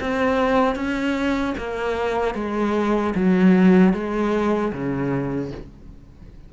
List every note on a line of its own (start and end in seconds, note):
0.00 0.75 C4
0.75 1.54 C#4
1.58 2.35 A#3
2.35 3.14 G#3
3.15 3.93 F#3
3.93 4.72 G#3
4.73 5.52 C#3